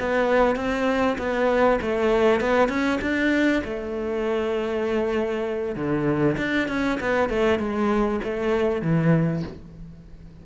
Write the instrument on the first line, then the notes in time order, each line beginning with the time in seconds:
cello
0.00 B3
0.56 C4
1.18 B3
1.82 A3
2.41 B3
2.69 C#4
3.02 D4
3.65 A3
5.76 D3
6.38 D4
6.68 C#4
7.00 B3
7.30 A3
7.59 G#3
8.24 A3
8.82 E3